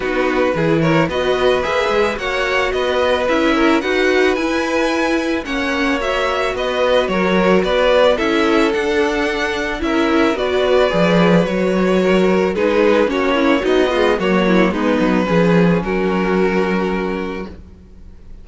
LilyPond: <<
  \new Staff \with { instrumentName = "violin" } { \time 4/4 \tempo 4 = 110 b'4. cis''8 dis''4 e''4 | fis''4 dis''4 e''4 fis''4 | gis''2 fis''4 e''4 | dis''4 cis''4 d''4 e''4 |
fis''2 e''4 d''4~ | d''4 cis''2 b'4 | cis''4 dis''4 cis''4 b'4~ | b'4 ais'2. | }
  \new Staff \with { instrumentName = "violin" } { \time 4/4 fis'4 gis'8 ais'8 b'2 | cis''4 b'4. ais'8 b'4~ | b'2 cis''2 | b'4 ais'4 b'4 a'4~ |
a'2 ais'4 b'4~ | b'2 ais'4 gis'4 | fis'8 e'8 dis'8 f'8 fis'8 e'8 dis'4 | gis'4 fis'2. | }
  \new Staff \with { instrumentName = "viola" } { \time 4/4 dis'4 e'4 fis'4 gis'4 | fis'2 e'4 fis'4 | e'2 cis'4 fis'4~ | fis'2. e'4 |
d'2 e'4 fis'4 | gis'4 fis'2 dis'4 | cis'4 fis8 gis8 ais4 b4 | cis'1 | }
  \new Staff \with { instrumentName = "cello" } { \time 4/4 b4 e4 b4 ais8 gis8 | ais4 b4 cis'4 dis'4 | e'2 ais2 | b4 fis4 b4 cis'4 |
d'2 cis'4 b4 | f4 fis2 gis4 | ais4 b4 fis4 gis8 fis8 | f4 fis2. | }
>>